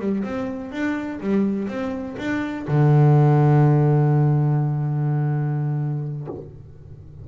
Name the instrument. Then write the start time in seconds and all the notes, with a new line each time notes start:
double bass
0.00 G3
0.24 C4
0.72 D4
1.20 G3
1.68 C4
2.19 D4
2.68 D3